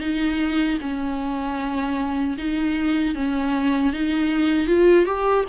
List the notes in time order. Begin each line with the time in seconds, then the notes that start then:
0.00 D#4
0.81 C#4
2.38 D#4
3.15 C#4
3.93 D#4
4.67 F4
5.05 G4